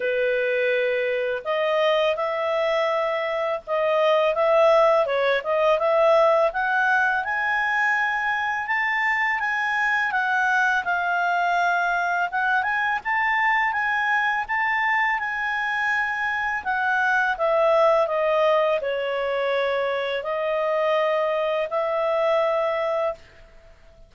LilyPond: \new Staff \with { instrumentName = "clarinet" } { \time 4/4 \tempo 4 = 83 b'2 dis''4 e''4~ | e''4 dis''4 e''4 cis''8 dis''8 | e''4 fis''4 gis''2 | a''4 gis''4 fis''4 f''4~ |
f''4 fis''8 gis''8 a''4 gis''4 | a''4 gis''2 fis''4 | e''4 dis''4 cis''2 | dis''2 e''2 | }